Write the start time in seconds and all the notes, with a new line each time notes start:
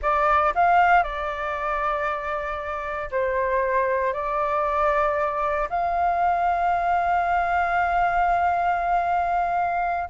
0.02 D5
0.54 F5
1.03 D5
3.11 C5
4.13 D5
5.69 F5